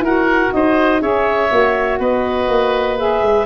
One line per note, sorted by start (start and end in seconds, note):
0.00 0.49 E4
0.00 1.00 F#4
0.00 0.53 A#4
0.00 0.52 F#5
0.52 1.01 D#4
0.52 1.01 C5
0.52 1.01 D#5
1.00 1.50 C#4
1.00 1.49 G#4
1.00 1.99 C#5
1.00 1.99 E5
1.50 1.99 A#3
1.50 2.97 F#4
1.99 2.48 B3
1.99 3.46 B4
1.99 2.99 D#5
2.48 3.21 A#3
2.97 3.46 G#4
2.97 3.46 E5
3.21 3.46 G#3